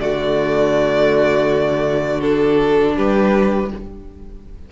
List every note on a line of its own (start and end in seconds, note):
0.00 2.96 D3
0.00 2.21 A3
0.00 2.95 F#4
0.00 2.20 D5
2.20 3.69 D4
2.20 2.94 A4
2.95 3.71 G3
2.95 3.69 G4
2.95 3.71 B4